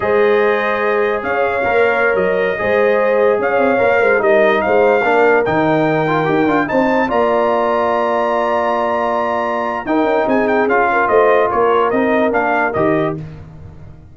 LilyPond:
<<
  \new Staff \with { instrumentName = "trumpet" } { \time 4/4 \tempo 4 = 146 dis''2. f''4~ | f''4~ f''16 dis''2~ dis''8.~ | dis''16 f''2 dis''4 f''8.~ | f''4~ f''16 g''2~ g''8.~ |
g''16 a''4 ais''2~ ais''8.~ | ais''1 | g''4 gis''8 g''8 f''4 dis''4 | cis''4 dis''4 f''4 dis''4 | }
  \new Staff \with { instrumentName = "horn" } { \time 4/4 c''2. cis''4~ | cis''2~ cis''16 c''4.~ c''16~ | c''16 cis''4. c''8 ais'4 c''8.~ | c''16 ais'2.~ ais'8.~ |
ais'16 c''4 d''2~ d''8.~ | d''1 | ais'4 gis'4. ais'8 c''4 | ais'1 | }
  \new Staff \with { instrumentName = "trombone" } { \time 4/4 gis'1 | ais'2~ ais'16 gis'4.~ gis'16~ | gis'4~ gis'16 ais'4 dis'4.~ dis'16~ | dis'16 d'4 dis'4. f'8 g'8 f'16~ |
f'16 dis'4 f'2~ f'8.~ | f'1 | dis'2 f'2~ | f'4 dis'4 d'4 g'4 | }
  \new Staff \with { instrumentName = "tuba" } { \time 4/4 gis2. cis'4 | ais4~ ais16 fis4 gis4.~ gis16~ | gis16 cis'8 c'8 ais8 gis8 g4 gis8.~ | gis16 ais4 dis2 dis'8 d'16~ |
d'16 c'4 ais2~ ais8.~ | ais1 | dis'8 cis'8 c'4 cis'4 a4 | ais4 c'4 ais4 dis4 | }
>>